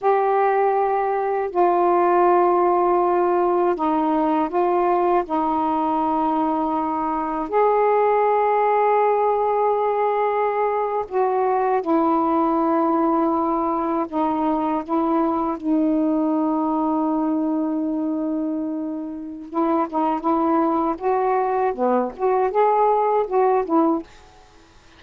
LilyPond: \new Staff \with { instrumentName = "saxophone" } { \time 4/4 \tempo 4 = 80 g'2 f'2~ | f'4 dis'4 f'4 dis'4~ | dis'2 gis'2~ | gis'2~ gis'8. fis'4 e'16~ |
e'2~ e'8. dis'4 e'16~ | e'8. dis'2.~ dis'16~ | dis'2 e'8 dis'8 e'4 | fis'4 b8 fis'8 gis'4 fis'8 e'8 | }